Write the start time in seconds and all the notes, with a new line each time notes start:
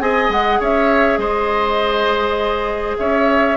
0.00 C4 G#4 D#5 G#5
0.29 G#3 F#5
0.60 C#4 C#5 E5
1.17 G#3 C5 D#5
2.98 C#4 C#5 E5